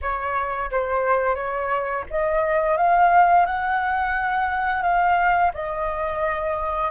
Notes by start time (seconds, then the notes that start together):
0.01 C#5
0.71 C5
1.34 C#5
2.10 D#5
2.77 F5
3.45 F#5
4.82 F5
5.54 D#5